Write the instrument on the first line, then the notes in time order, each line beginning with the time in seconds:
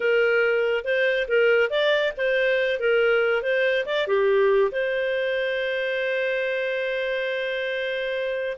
clarinet
0.00 A#4
0.84 C5
1.28 A#4
1.70 D5
2.17 C5
2.79 A#4
3.42 C5
3.85 D5
4.07 G4
4.71 C5